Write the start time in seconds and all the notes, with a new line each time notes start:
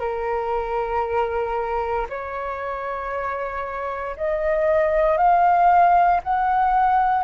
0.00 A#4
2.10 C#5
4.17 D#5
5.18 F5
6.24 F#5